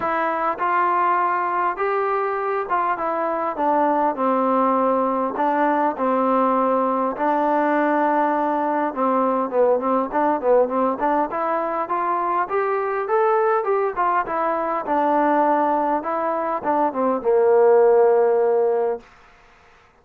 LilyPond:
\new Staff \with { instrumentName = "trombone" } { \time 4/4 \tempo 4 = 101 e'4 f'2 g'4~ | g'8 f'8 e'4 d'4 c'4~ | c'4 d'4 c'2 | d'2. c'4 |
b8 c'8 d'8 b8 c'8 d'8 e'4 | f'4 g'4 a'4 g'8 f'8 | e'4 d'2 e'4 | d'8 c'8 ais2. | }